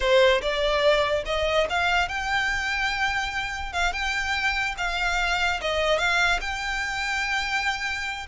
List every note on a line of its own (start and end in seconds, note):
0.00 0.41 C5
0.41 1.24 D5
1.25 1.67 D#5
1.69 2.08 F5
2.08 3.72 G5
3.72 3.92 F5
3.92 4.75 G5
4.77 5.60 F5
5.61 5.98 D#5
5.98 6.39 F5
6.40 8.26 G5